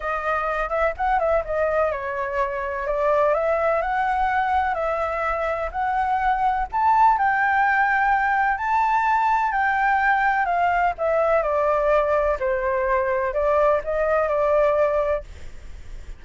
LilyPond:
\new Staff \with { instrumentName = "flute" } { \time 4/4 \tempo 4 = 126 dis''4. e''8 fis''8 e''8 dis''4 | cis''2 d''4 e''4 | fis''2 e''2 | fis''2 a''4 g''4~ |
g''2 a''2 | g''2 f''4 e''4 | d''2 c''2 | d''4 dis''4 d''2 | }